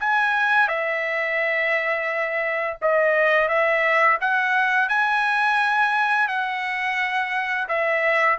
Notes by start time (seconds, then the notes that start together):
0.00 G#5
0.68 E5
2.81 D#5
3.48 E5
4.21 F#5
4.88 G#5
6.28 F#5
7.68 E5